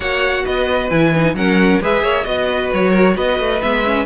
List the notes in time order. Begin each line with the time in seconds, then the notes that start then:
0.00 A#3 F#4 C#5 F#5
0.44 B3 B4 D#5
0.90 E3 E4 G#5
1.15 D#4
1.34 F#3 C#4 A#4 F#5
1.80 G#3 G#4 B4 E5
2.02 A#3 C#5
2.23 B3 F#4 D#5
2.49 B4
2.73 F#3 C#5
2.90 A#4
3.16 B3 B4 D#5
3.39 A3
3.61 G#3 B3 E5
3.84 C#4